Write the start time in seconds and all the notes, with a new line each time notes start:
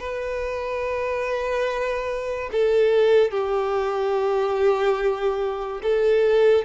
0.00 B4
2.52 A4
3.31 G4
5.83 A4